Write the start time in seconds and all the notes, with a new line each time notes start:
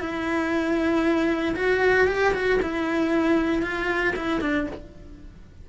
0.00 E4
1.56 F#4
2.07 G4
2.34 F#4
2.62 E4
3.62 F4
4.16 E4
4.41 D4